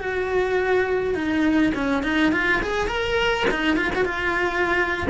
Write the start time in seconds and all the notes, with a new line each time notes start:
0.00 F#4
1.14 D#4
1.74 C#4
2.03 D#4
2.32 F4
2.62 G#4
2.88 A#4
3.51 D#4
3.77 F4
3.95 F#4
4.05 F4